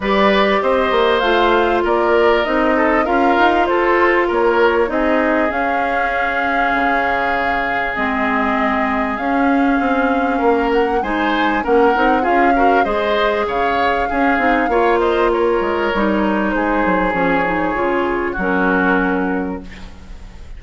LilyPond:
<<
  \new Staff \with { instrumentName = "flute" } { \time 4/4 \tempo 4 = 98 d''4 dis''4 f''4 d''4 | dis''4 f''4 c''4 cis''4 | dis''4 f''2.~ | f''4 dis''2 f''4~ |
f''4. fis''8 gis''4 fis''4 | f''4 dis''4 f''2~ | f''8 dis''8 cis''2 c''4 | cis''2 ais'2 | }
  \new Staff \with { instrumentName = "oboe" } { \time 4/4 b'4 c''2 ais'4~ | ais'8 a'8 ais'4 a'4 ais'4 | gis'1~ | gis'1~ |
gis'4 ais'4 c''4 ais'4 | gis'8 ais'8 c''4 cis''4 gis'4 | cis''8 c''8 ais'2 gis'4~ | gis'2 fis'2 | }
  \new Staff \with { instrumentName = "clarinet" } { \time 4/4 g'2 f'2 | dis'4 f'2. | dis'4 cis'2.~ | cis'4 c'2 cis'4~ |
cis'2 dis'4 cis'8 dis'8 | f'8 fis'8 gis'2 cis'8 dis'8 | f'2 dis'2 | cis'8 dis'8 f'4 cis'2 | }
  \new Staff \with { instrumentName = "bassoon" } { \time 4/4 g4 c'8 ais8 a4 ais4 | c'4 cis'8 dis'8 f'4 ais4 | c'4 cis'2 cis4~ | cis4 gis2 cis'4 |
c'4 ais4 gis4 ais8 c'8 | cis'4 gis4 cis4 cis'8 c'8 | ais4. gis8 g4 gis8 fis8 | f4 cis4 fis2 | }
>>